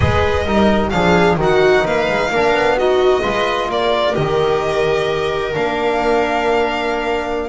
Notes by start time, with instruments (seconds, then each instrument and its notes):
0.00 double bass G#3, trombone G#4, viola B4, violin D#5
0.45 double bass G3, trombone D#4, viola A#4
0.89 double bass F3, trombone D4, viola G#4, violin F5
1.36 double bass D#3, trombone D#4, viola F#4
1.42 violin F#5
1.84 double bass A#3, viola B4, violin F5
2.08 double bass G#3
2.30 double bass A#3, trombone D4, viola A#4
2.51 double bass B3
2.76 trombone D#4, viola F#4, violin D#5
3.22 double bass G#3, trombone F4, viola B4
3.69 double bass A#3, viola A#4, violin D5
4.14 double bass D#3, trombone G4, violin D#5
5.53 double bass A#3, trombone D4, violin F5